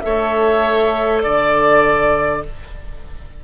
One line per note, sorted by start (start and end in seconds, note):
0.00 1.24 A3
0.00 2.42 A4
0.00 1.23 C#5
0.00 1.20 E5
1.22 2.44 D3
1.22 2.42 D5
1.22 2.43 D5